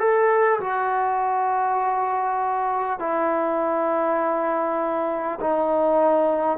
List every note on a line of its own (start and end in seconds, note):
0.00 0.60 A4
0.61 2.99 F#4
2.99 5.39 E4
5.41 6.58 D#4